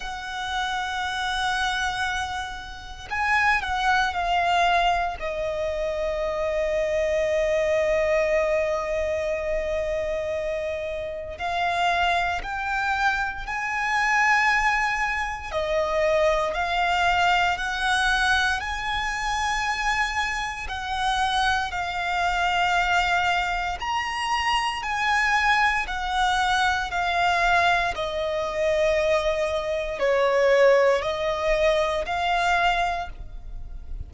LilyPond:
\new Staff \with { instrumentName = "violin" } { \time 4/4 \tempo 4 = 58 fis''2. gis''8 fis''8 | f''4 dis''2.~ | dis''2. f''4 | g''4 gis''2 dis''4 |
f''4 fis''4 gis''2 | fis''4 f''2 ais''4 | gis''4 fis''4 f''4 dis''4~ | dis''4 cis''4 dis''4 f''4 | }